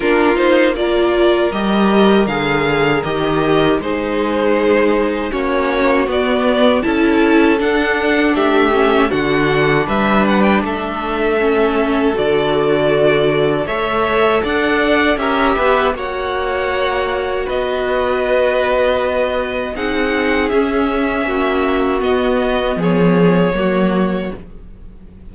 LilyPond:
<<
  \new Staff \with { instrumentName = "violin" } { \time 4/4 \tempo 4 = 79 ais'8 c''8 d''4 dis''4 f''4 | dis''4 c''2 cis''4 | d''4 a''4 fis''4 e''4 | fis''4 e''8 fis''16 g''16 e''2 |
d''2 e''4 fis''4 | e''4 fis''2 dis''4~ | dis''2 fis''4 e''4~ | e''4 dis''4 cis''2 | }
  \new Staff \with { instrumentName = "violin" } { \time 4/4 f'4 ais'2.~ | ais'4 gis'2 fis'4~ | fis'4 a'2 g'4 | fis'4 b'4 a'2~ |
a'2 cis''4 d''4 | ais'8 b'8 cis''2 b'4~ | b'2 gis'2 | fis'2 gis'4 fis'4 | }
  \new Staff \with { instrumentName = "viola" } { \time 4/4 d'8 dis'8 f'4 g'4 gis'4 | g'4 dis'2 cis'4 | b4 e'4 d'4. cis'8 | d'2. cis'4 |
fis'2 a'2 | g'4 fis'2.~ | fis'2 dis'4 cis'4~ | cis'4 b2 ais4 | }
  \new Staff \with { instrumentName = "cello" } { \time 4/4 ais2 g4 d4 | dis4 gis2 ais4 | b4 cis'4 d'4 a4 | d4 g4 a2 |
d2 a4 d'4 | cis'8 b8 ais2 b4~ | b2 c'4 cis'4 | ais4 b4 f4 fis4 | }
>>